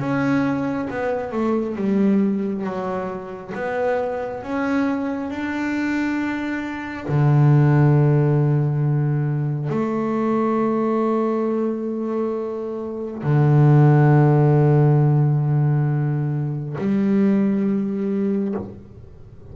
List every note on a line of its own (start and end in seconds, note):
0.00 0.88 C#4
0.90 1.32 B3
1.32 1.76 A3
1.76 2.64 G3
2.64 3.53 F#3
3.55 4.43 B3
4.43 5.30 C#4
5.30 7.07 D4
7.08 9.69 D3
9.69 13.22 A3
13.23 16.76 D3
16.78 18.55 G3